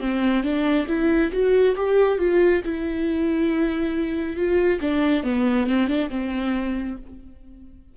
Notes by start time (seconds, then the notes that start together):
0.00 C4
0.43 D4
0.88 E4
1.32 F#4
1.76 G4
2.19 F4
2.64 E4
4.36 F4
4.81 D4
5.24 B3
5.67 C4
5.88 D4
6.10 C4